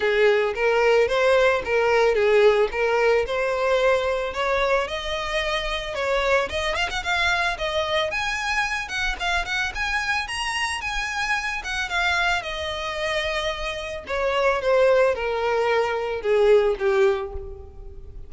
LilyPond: \new Staff \with { instrumentName = "violin" } { \time 4/4 \tempo 4 = 111 gis'4 ais'4 c''4 ais'4 | gis'4 ais'4 c''2 | cis''4 dis''2 cis''4 | dis''8 f''16 fis''16 f''4 dis''4 gis''4~ |
gis''8 fis''8 f''8 fis''8 gis''4 ais''4 | gis''4. fis''8 f''4 dis''4~ | dis''2 cis''4 c''4 | ais'2 gis'4 g'4 | }